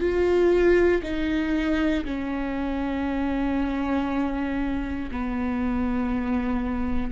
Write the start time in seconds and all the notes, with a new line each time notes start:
0.00 F4
1.03 D#4
2.05 C#4
5.11 B3